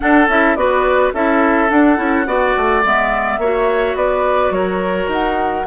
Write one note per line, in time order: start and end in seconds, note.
0.00 0.27 D4
0.00 0.28 D4
0.00 0.58 A4
0.00 0.28 F#5
0.28 0.55 C#4
0.28 0.57 E4
0.28 0.55 E5
0.55 1.12 B3
0.55 1.13 F#4
0.55 1.14 B4
0.55 1.12 D5
1.13 1.69 C#4
1.13 1.69 E4
1.13 2.27 A4
1.13 1.69 E5
1.69 1.96 D4
1.69 1.98 D4
1.69 2.83 F#5
1.96 2.26 C#4
1.96 2.25 E4
2.26 2.54 B3
2.26 2.82 F#4
2.26 3.40 D5
2.56 2.84 A3
2.84 3.37 G#3
2.84 3.40 B3
2.84 3.97 E5
3.37 3.94 A#3
3.37 5.67 F#4
3.37 3.96 C#5
3.94 4.50 B3
3.94 4.53 B4
3.94 4.52 D5
4.50 5.07 F#3
4.50 5.66 A#4
4.50 5.09 C#5
5.07 5.64 D#4
5.07 5.67 F#5